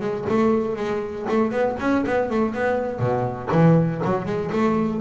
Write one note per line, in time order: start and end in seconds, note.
0.00 0.25 G#3
0.29 0.76 A3
0.76 1.26 G#3
1.29 1.51 A3
1.51 1.76 B3
1.80 2.05 C#4
2.06 2.30 B3
2.30 2.54 A3
2.54 2.99 B3
2.99 3.49 B2
3.52 4.02 E3
4.04 4.26 F#3
4.26 4.51 G#3
4.52 5.01 A3